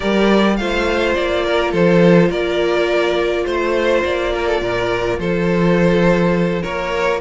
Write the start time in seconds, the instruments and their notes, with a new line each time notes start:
0.00 cello G3, viola G4, violin A#4 D5
0.56 cello A3, viola F4, violin C5 F5
1.14 cello A#3, violin D5
1.45 violin A#4
1.71 cello F3, violin A4 C5
2.29 cello A#3, violin A#4 D5
3.45 cello A3, violin C5
4.04 cello A#3, violin D5
4.34 violin A#4
4.46 violin A4
4.60 cello A#2, violin A#4
5.18 cello F3, violin A4 C5
6.62 cello A#3, violin A#4 C#5